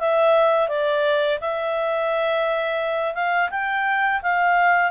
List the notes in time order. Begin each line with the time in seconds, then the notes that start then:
0.00 E5
0.69 D5
1.41 E5
3.15 F5
3.51 G5
4.23 F5